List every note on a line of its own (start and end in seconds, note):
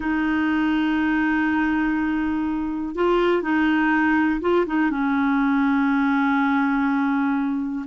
0.00 2.95 D#4
2.95 3.42 F4
3.42 4.40 D#4
4.40 4.65 F4
4.66 4.90 D#4
4.90 7.85 C#4